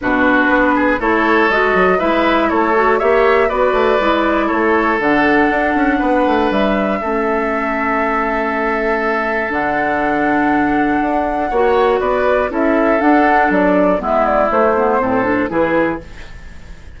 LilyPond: <<
  \new Staff \with { instrumentName = "flute" } { \time 4/4 \tempo 4 = 120 b'2 cis''4 dis''4 | e''4 cis''4 e''4 d''4~ | d''4 cis''4 fis''2~ | fis''4 e''2.~ |
e''2. fis''4~ | fis''1 | d''4 e''4 fis''4 d''4 | e''8 d''8 c''2 b'4 | }
  \new Staff \with { instrumentName = "oboe" } { \time 4/4 fis'4. gis'8 a'2 | b'4 a'4 cis''4 b'4~ | b'4 a'2. | b'2 a'2~ |
a'1~ | a'2. cis''4 | b'4 a'2. | e'2 a'4 gis'4 | }
  \new Staff \with { instrumentName = "clarinet" } { \time 4/4 d'2 e'4 fis'4 | e'4. fis'8 g'4 fis'4 | e'2 d'2~ | d'2 cis'2~ |
cis'2. d'4~ | d'2. fis'4~ | fis'4 e'4 d'2 | b4 a8 b8 c'8 d'8 e'4 | }
  \new Staff \with { instrumentName = "bassoon" } { \time 4/4 b,4 b4 a4 gis8 fis8 | gis4 a4 ais4 b8 a8 | gis4 a4 d4 d'8 cis'8 | b8 a8 g4 a2~ |
a2. d4~ | d2 d'4 ais4 | b4 cis'4 d'4 fis4 | gis4 a4 a,4 e4 | }
>>